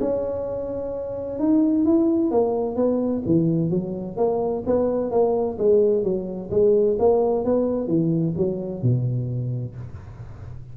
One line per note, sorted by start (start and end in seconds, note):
0.00 1.39 C#4
1.39 1.85 D#4
1.85 2.31 E4
2.31 2.76 A#3
2.76 3.22 B3
3.26 3.70 E3
3.70 4.16 F#3
4.16 4.63 A#3
4.66 5.11 B3
5.11 5.57 A#3
5.58 6.03 G#3
6.03 6.50 F#3
6.51 6.97 G#3
6.99 7.44 A#3
7.44 7.87 B3
7.87 8.34 E3
8.37 8.82 F#3
8.82 9.75 B2